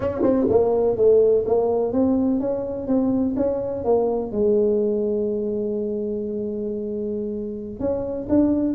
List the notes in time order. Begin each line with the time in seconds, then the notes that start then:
0.00 C#4
0.21 C4
0.49 A#3
0.96 A3
1.46 A#3
1.92 C4
2.40 C#4
2.87 C4
3.36 C#4
3.84 A#3
4.31 G#3
7.79 C#4
8.29 D4